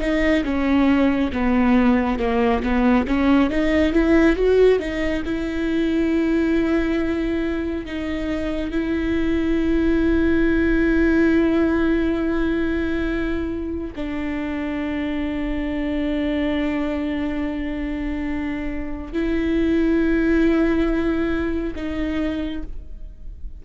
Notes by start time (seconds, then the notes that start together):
0.00 D#4
0.44 C#4
1.32 B3
2.19 A#3
2.62 B3
3.07 C#4
3.50 D#4
3.92 E4
4.36 F#4
4.79 D#4
5.25 E4
7.85 D#4
8.71 E4
13.95 D4
19.13 E4
21.75 D#4